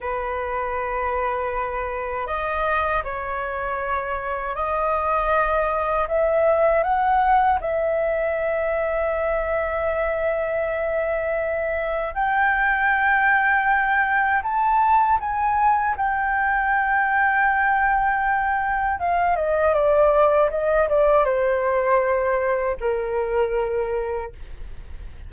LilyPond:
\new Staff \with { instrumentName = "flute" } { \time 4/4 \tempo 4 = 79 b'2. dis''4 | cis''2 dis''2 | e''4 fis''4 e''2~ | e''1 |
g''2. a''4 | gis''4 g''2.~ | g''4 f''8 dis''8 d''4 dis''8 d''8 | c''2 ais'2 | }